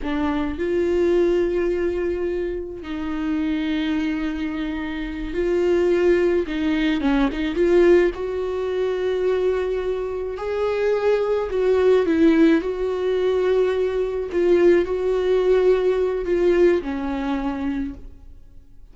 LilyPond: \new Staff \with { instrumentName = "viola" } { \time 4/4 \tempo 4 = 107 d'4 f'2.~ | f'4 dis'2.~ | dis'4. f'2 dis'8~ | dis'8 cis'8 dis'8 f'4 fis'4.~ |
fis'2~ fis'8 gis'4.~ | gis'8 fis'4 e'4 fis'4.~ | fis'4. f'4 fis'4.~ | fis'4 f'4 cis'2 | }